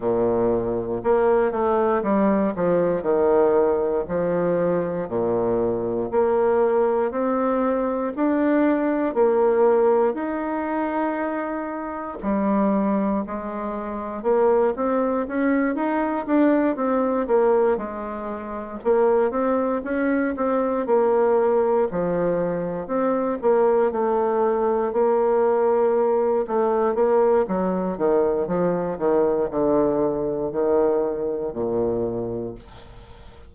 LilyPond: \new Staff \with { instrumentName = "bassoon" } { \time 4/4 \tempo 4 = 59 ais,4 ais8 a8 g8 f8 dis4 | f4 ais,4 ais4 c'4 | d'4 ais4 dis'2 | g4 gis4 ais8 c'8 cis'8 dis'8 |
d'8 c'8 ais8 gis4 ais8 c'8 cis'8 | c'8 ais4 f4 c'8 ais8 a8~ | a8 ais4. a8 ais8 fis8 dis8 | f8 dis8 d4 dis4 ais,4 | }